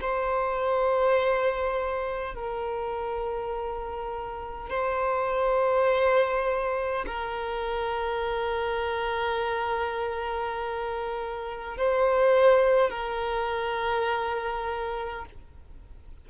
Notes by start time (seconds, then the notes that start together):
0.00 C5
2.35 A#4
4.70 C5
7.06 A#4
11.77 C5
12.90 A#4